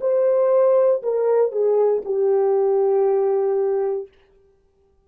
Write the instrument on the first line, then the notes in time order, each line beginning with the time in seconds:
horn
0.00 C5
1.02 A#4
1.51 G#4
2.04 G4